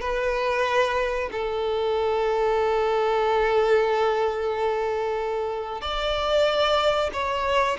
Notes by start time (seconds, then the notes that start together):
0.00 B4
1.31 A4
5.81 D5
7.13 C#5